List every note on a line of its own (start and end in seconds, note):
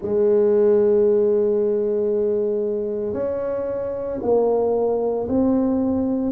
0.01 3.13 G#3
3.13 4.18 C#4
4.22 5.27 A#3
5.28 6.31 C4